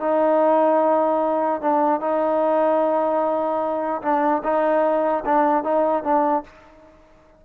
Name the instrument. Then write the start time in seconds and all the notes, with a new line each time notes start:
trombone
0.00 D#4
1.61 D4
2.00 D#4
4.02 D4
4.43 D#4
5.25 D4
5.64 D#4
6.03 D4